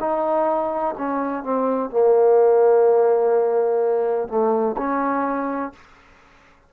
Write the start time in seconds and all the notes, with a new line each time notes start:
0.00 D#4
0.98 C#4
1.44 C4
1.90 A#3
4.29 A3
4.78 C#4